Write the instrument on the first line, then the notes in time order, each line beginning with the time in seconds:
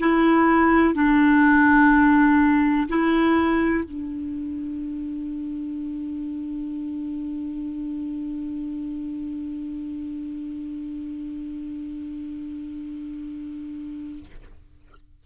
clarinet
0.00 E4
0.95 D4
2.89 E4
3.84 D4